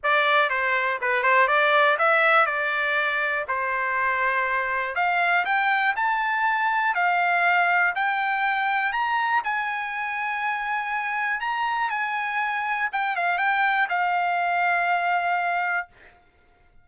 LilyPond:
\new Staff \with { instrumentName = "trumpet" } { \time 4/4 \tempo 4 = 121 d''4 c''4 b'8 c''8 d''4 | e''4 d''2 c''4~ | c''2 f''4 g''4 | a''2 f''2 |
g''2 ais''4 gis''4~ | gis''2. ais''4 | gis''2 g''8 f''8 g''4 | f''1 | }